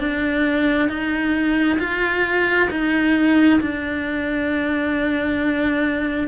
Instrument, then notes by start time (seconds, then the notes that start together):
cello
0.00 D4
0.89 D#4
1.80 F4
2.71 D#4
3.61 D4